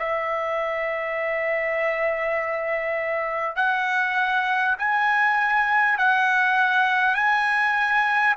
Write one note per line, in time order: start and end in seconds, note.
0.00 3.57 E5
3.57 4.77 F#5
4.79 5.98 G#5
5.98 7.15 F#5
7.15 8.35 G#5